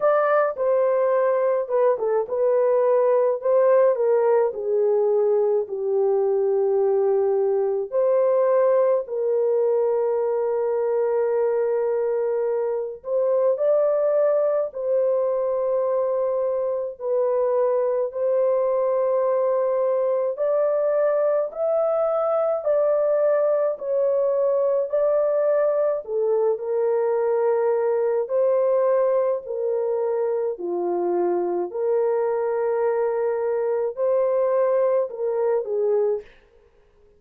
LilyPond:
\new Staff \with { instrumentName = "horn" } { \time 4/4 \tempo 4 = 53 d''8 c''4 b'16 a'16 b'4 c''8 ais'8 | gis'4 g'2 c''4 | ais'2.~ ais'8 c''8 | d''4 c''2 b'4 |
c''2 d''4 e''4 | d''4 cis''4 d''4 a'8 ais'8~ | ais'4 c''4 ais'4 f'4 | ais'2 c''4 ais'8 gis'8 | }